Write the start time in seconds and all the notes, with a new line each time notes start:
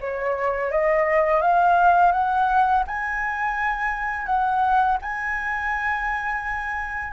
0.00 C#5
0.71 D#5
1.41 F5
2.12 F#5
2.87 G#5
4.26 F#5
5.02 G#5